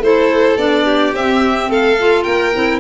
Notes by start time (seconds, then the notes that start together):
0.00 A3 E4 A4 C5
0.57 B3 D4 D5
0.85 G4
1.14 C4 E5
1.69 A3 A4 F5
1.99 F4
2.24 A#3 A#4 G5
2.54 C4 E4